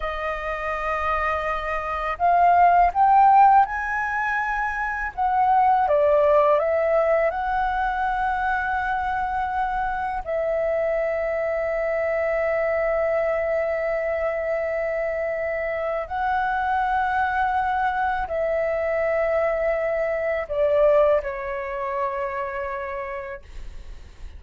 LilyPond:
\new Staff \with { instrumentName = "flute" } { \time 4/4 \tempo 4 = 82 dis''2. f''4 | g''4 gis''2 fis''4 | d''4 e''4 fis''2~ | fis''2 e''2~ |
e''1~ | e''2 fis''2~ | fis''4 e''2. | d''4 cis''2. | }